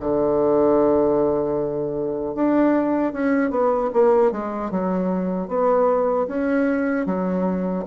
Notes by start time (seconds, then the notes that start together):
0.00 D3
2.34 D4
3.13 C#4
3.50 B3
3.93 A#3
4.31 G#3
4.71 F#3
5.48 B3
6.28 C#4
7.06 F#3